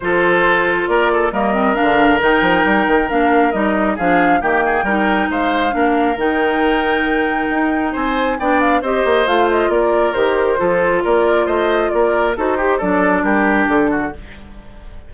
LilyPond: <<
  \new Staff \with { instrumentName = "flute" } { \time 4/4 \tempo 4 = 136 c''2 d''4 dis''4 | f''4 g''2 f''4 | dis''4 f''4 g''2 | f''2 g''2~ |
g''2 gis''4 g''8 f''8 | dis''4 f''8 dis''8 d''4 c''4~ | c''4 d''4 dis''4 d''4 | c''4 d''4 ais'4 a'4 | }
  \new Staff \with { instrumentName = "oboe" } { \time 4/4 a'2 ais'8 a'8 ais'4~ | ais'1~ | ais'4 gis'4 g'8 gis'8 ais'4 | c''4 ais'2.~ |
ais'2 c''4 d''4 | c''2 ais'2 | a'4 ais'4 c''4 ais'4 | a'8 g'8 a'4 g'4. fis'8 | }
  \new Staff \with { instrumentName = "clarinet" } { \time 4/4 f'2. ais8 c'8 | d'4 dis'2 d'4 | dis'4 d'4 ais4 dis'4~ | dis'4 d'4 dis'2~ |
dis'2. d'4 | g'4 f'2 g'4 | f'1 | fis'8 g'8 d'2. | }
  \new Staff \with { instrumentName = "bassoon" } { \time 4/4 f2 ais4 g4 | d4 dis8 f8 g8 dis8 ais4 | g4 f4 dis4 g4 | gis4 ais4 dis2~ |
dis4 dis'4 c'4 b4 | c'8 ais8 a4 ais4 dis4 | f4 ais4 a4 ais4 | dis'4 fis4 g4 d4 | }
>>